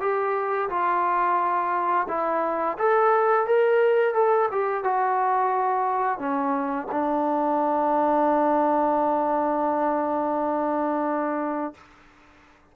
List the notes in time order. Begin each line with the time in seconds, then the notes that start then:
0.00 G4
0.69 F4
2.08 E4
2.78 A4
3.47 A#4
4.14 A4
4.51 G4
4.84 F#4
6.18 C#4
6.92 D4